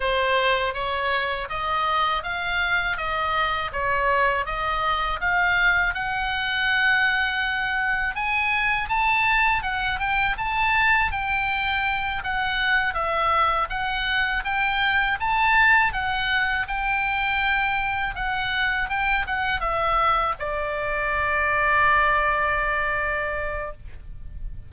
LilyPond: \new Staff \with { instrumentName = "oboe" } { \time 4/4 \tempo 4 = 81 c''4 cis''4 dis''4 f''4 | dis''4 cis''4 dis''4 f''4 | fis''2. gis''4 | a''4 fis''8 g''8 a''4 g''4~ |
g''8 fis''4 e''4 fis''4 g''8~ | g''8 a''4 fis''4 g''4.~ | g''8 fis''4 g''8 fis''8 e''4 d''8~ | d''1 | }